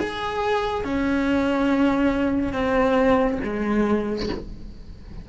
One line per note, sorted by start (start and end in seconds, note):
0.00 0.85 G#4
0.85 2.53 C#4
2.53 3.39 C4
3.44 4.29 G#3